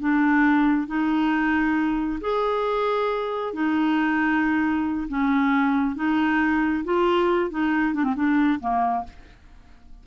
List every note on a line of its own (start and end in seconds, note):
0.00 0.88 D4
0.88 2.20 D#4
2.21 3.54 G#4
3.54 5.08 D#4
5.09 5.96 C#4
5.96 6.84 D#4
6.85 7.51 F4
7.51 7.95 D#4
7.95 8.04 D4
8.04 8.15 C4
8.16 8.60 D4
8.60 9.04 A#3